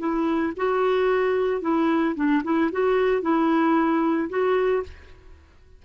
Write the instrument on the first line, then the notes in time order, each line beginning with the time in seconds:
clarinet
0.00 E4
0.57 F#4
1.62 E4
2.16 D4
2.44 E4
2.72 F#4
3.22 E4
4.30 F#4